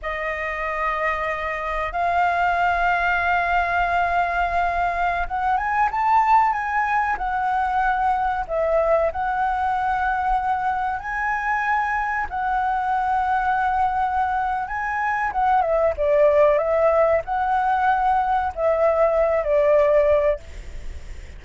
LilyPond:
\new Staff \with { instrumentName = "flute" } { \time 4/4 \tempo 4 = 94 dis''2. f''4~ | f''1~ | f''16 fis''8 gis''8 a''4 gis''4 fis''8.~ | fis''4~ fis''16 e''4 fis''4.~ fis''16~ |
fis''4~ fis''16 gis''2 fis''8.~ | fis''2. gis''4 | fis''8 e''8 d''4 e''4 fis''4~ | fis''4 e''4. d''4. | }